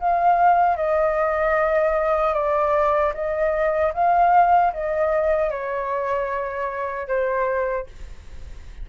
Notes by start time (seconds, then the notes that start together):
0.00 F5
0.77 D#5
2.34 D5
3.14 D#5
3.94 F5
4.74 D#5
5.51 C#5
7.08 C5